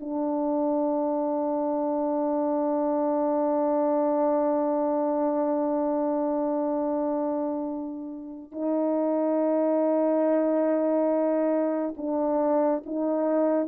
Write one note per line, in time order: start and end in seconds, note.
0.00 8.52 D4
8.52 11.95 D#4
11.97 12.83 D4
12.86 13.68 D#4